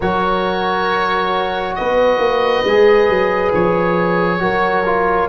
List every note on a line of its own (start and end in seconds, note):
0.00 1.77 F#3
0.00 2.66 F#4
0.00 1.76 A#4
0.00 1.75 C#5
1.75 2.18 B3
1.75 4.42 B4
1.75 3.51 D#5
2.18 2.62 A#3
2.64 3.08 G#3
2.64 4.39 G#4
3.08 3.53 F#3
3.53 4.40 F3
3.53 5.28 C#5
4.39 5.28 F#3
4.39 4.83 F#4
4.39 5.28 A#4
4.85 5.28 F4